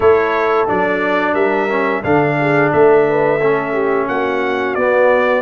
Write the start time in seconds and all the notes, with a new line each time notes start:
0.00 A3 E4 A4 C#5
0.67 F#3 D4 D5
1.33 G3 A#4 E5
1.69 C#4
2.03 D3 D4 A4 F5
2.39 G#4
2.72 A3 A4 E5
3.09 B4
3.40 C#4 A4
3.73 G4
4.08 A#3 F#4 F#5
4.74 B3 D5